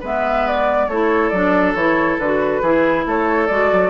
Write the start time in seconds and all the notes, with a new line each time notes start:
0.00 G#3 B3 B4 E5
0.47 D5
0.88 A3 E4 A4 C#5
1.30 F#3 D4 D5
1.75 E3 E4 C#5
2.19 D3 F#4 B4
2.62 E3 E4 G#4
3.06 A3 A4 C#5
3.47 G#3 F#4 D5
3.73 F#3